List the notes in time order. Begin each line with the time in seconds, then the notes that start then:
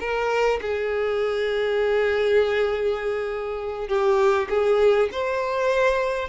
0.00 A#4
0.61 G#4
3.88 G4
4.49 G#4
5.12 C5